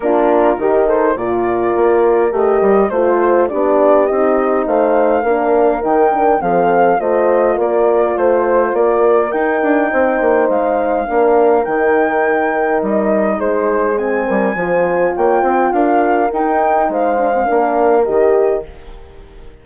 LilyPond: <<
  \new Staff \with { instrumentName = "flute" } { \time 4/4 \tempo 4 = 103 ais'4. c''8 d''2 | dis''4 c''4 d''4 dis''4 | f''2 g''4 f''4 | dis''4 d''4 c''4 d''4 |
g''2 f''2 | g''2 dis''4 c''4 | gis''2 g''4 f''4 | g''4 f''2 dis''4 | }
  \new Staff \with { instrumentName = "horn" } { \time 4/4 f'4 g'8 a'8 ais'2~ | ais'4 c''4 g'2 | c''4 ais'2 a'4 | c''4 ais'4 c''4 ais'4~ |
ais'4 c''2 ais'4~ | ais'2. gis'4~ | gis'8 ais'8 c''4 cis''8 c''8 ais'4~ | ais'4 c''4 ais'2 | }
  \new Staff \with { instrumentName = "horn" } { \time 4/4 d'4 dis'4 f'2 | g'4 f'4 d'4 dis'4~ | dis'4 d'4 dis'8 d'8 c'4 | f'1 |
dis'2. d'4 | dis'1 | c'4 f'2. | dis'4. d'16 c'16 d'4 g'4 | }
  \new Staff \with { instrumentName = "bassoon" } { \time 4/4 ais4 dis4 ais,4 ais4 | a8 g8 a4 b4 c'4 | a4 ais4 dis4 f4 | a4 ais4 a4 ais4 |
dis'8 d'8 c'8 ais8 gis4 ais4 | dis2 g4 gis4~ | gis8 g8 f4 ais8 c'8 d'4 | dis'4 gis4 ais4 dis4 | }
>>